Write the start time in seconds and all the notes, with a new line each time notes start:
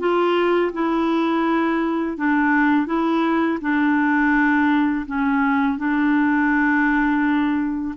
0.00 F4
0.73 E4
2.18 D4
2.87 E4
3.61 D4
5.07 C#4
5.78 D4